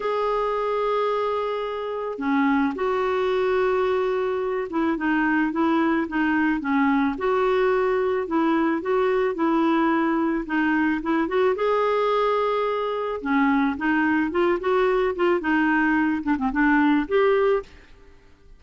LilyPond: \new Staff \with { instrumentName = "clarinet" } { \time 4/4 \tempo 4 = 109 gis'1 | cis'4 fis'2.~ | fis'8 e'8 dis'4 e'4 dis'4 | cis'4 fis'2 e'4 |
fis'4 e'2 dis'4 | e'8 fis'8 gis'2. | cis'4 dis'4 f'8 fis'4 f'8 | dis'4. d'16 c'16 d'4 g'4 | }